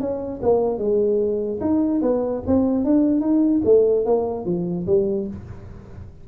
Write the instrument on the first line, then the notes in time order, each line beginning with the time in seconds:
tuba
0.00 C#4
0.42 A#3
0.78 G#3
1.61 D#4
2.02 B3
2.46 C4
2.85 D4
3.20 D#4
3.64 A3
4.05 A#3
4.45 F3
4.86 G3